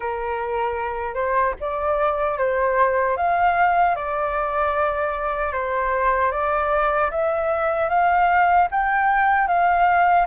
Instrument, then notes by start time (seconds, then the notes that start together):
flute
0.00 A#4
1.14 C5
1.60 D5
2.38 C5
3.17 F5
3.95 D5
5.53 C5
6.31 D5
7.11 E5
7.89 F5
8.71 G5
9.47 F5